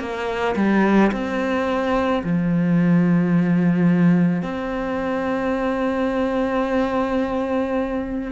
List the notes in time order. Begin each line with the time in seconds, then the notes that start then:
0.00 A#3
0.56 G3
1.12 C4
2.24 F3
4.42 C4